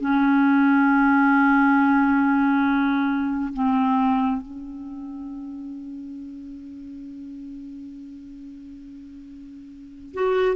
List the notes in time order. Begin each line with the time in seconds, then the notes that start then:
0.00 C#4
3.53 C4
4.42 C#4
10.14 F#4